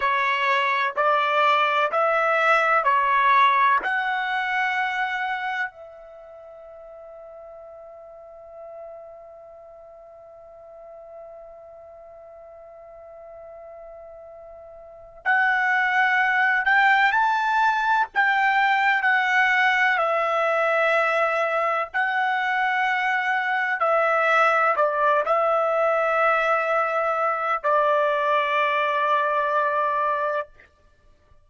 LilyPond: \new Staff \with { instrumentName = "trumpet" } { \time 4/4 \tempo 4 = 63 cis''4 d''4 e''4 cis''4 | fis''2 e''2~ | e''1~ | e''1 |
fis''4. g''8 a''4 g''4 | fis''4 e''2 fis''4~ | fis''4 e''4 d''8 e''4.~ | e''4 d''2. | }